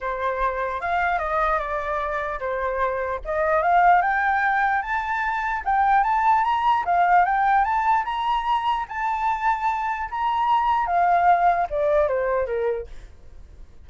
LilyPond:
\new Staff \with { instrumentName = "flute" } { \time 4/4 \tempo 4 = 149 c''2 f''4 dis''4 | d''2 c''2 | dis''4 f''4 g''2 | a''2 g''4 a''4 |
ais''4 f''4 g''4 a''4 | ais''2 a''2~ | a''4 ais''2 f''4~ | f''4 d''4 c''4 ais'4 | }